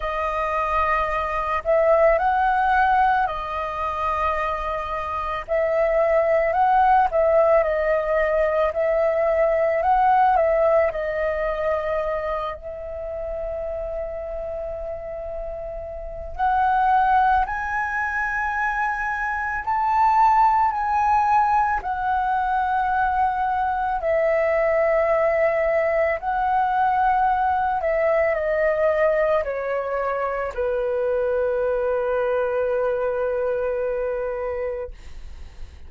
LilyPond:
\new Staff \with { instrumentName = "flute" } { \time 4/4 \tempo 4 = 55 dis''4. e''8 fis''4 dis''4~ | dis''4 e''4 fis''8 e''8 dis''4 | e''4 fis''8 e''8 dis''4. e''8~ | e''2. fis''4 |
gis''2 a''4 gis''4 | fis''2 e''2 | fis''4. e''8 dis''4 cis''4 | b'1 | }